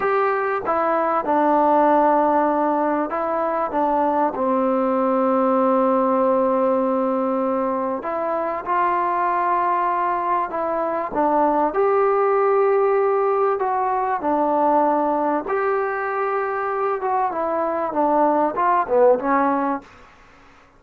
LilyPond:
\new Staff \with { instrumentName = "trombone" } { \time 4/4 \tempo 4 = 97 g'4 e'4 d'2~ | d'4 e'4 d'4 c'4~ | c'1~ | c'4 e'4 f'2~ |
f'4 e'4 d'4 g'4~ | g'2 fis'4 d'4~ | d'4 g'2~ g'8 fis'8 | e'4 d'4 f'8 b8 cis'4 | }